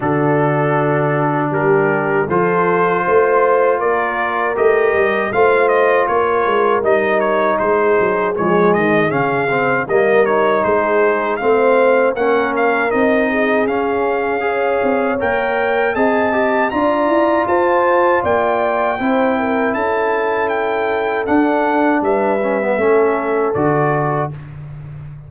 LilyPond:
<<
  \new Staff \with { instrumentName = "trumpet" } { \time 4/4 \tempo 4 = 79 a'2 ais'4 c''4~ | c''4 d''4 dis''4 f''8 dis''8 | cis''4 dis''8 cis''8 c''4 cis''8 dis''8 | f''4 dis''8 cis''8 c''4 f''4 |
fis''8 f''8 dis''4 f''2 | g''4 a''4 ais''4 a''4 | g''2 a''4 g''4 | fis''4 e''2 d''4 | }
  \new Staff \with { instrumentName = "horn" } { \time 4/4 fis'2 g'4 a'4 | c''4 ais'2 c''4 | ais'2 gis'2~ | gis'4 ais'4 gis'4 c''4 |
ais'4. gis'4. cis''4~ | cis''4 dis''4 d''4 c''4 | d''4 c''8 ais'8 a'2~ | a'4 b'4 a'2 | }
  \new Staff \with { instrumentName = "trombone" } { \time 4/4 d'2. f'4~ | f'2 g'4 f'4~ | f'4 dis'2 gis4 | cis'8 c'8 ais8 dis'4. c'4 |
cis'4 dis'4 cis'4 gis'4 | ais'4 gis'8 g'8 f'2~ | f'4 e'2. | d'4. cis'16 b16 cis'4 fis'4 | }
  \new Staff \with { instrumentName = "tuba" } { \time 4/4 d2 g4 f4 | a4 ais4 a8 g8 a4 | ais8 gis8 g4 gis8 fis8 f8 dis8 | cis4 g4 gis4 a4 |
ais4 c'4 cis'4. c'8 | ais4 c'4 d'8 e'8 f'4 | ais4 c'4 cis'2 | d'4 g4 a4 d4 | }
>>